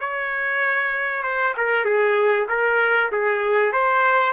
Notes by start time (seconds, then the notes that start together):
0.00 C#5
1.23 C5
1.57 A#4
1.85 G#4
2.49 A#4
3.12 G#4
3.73 C5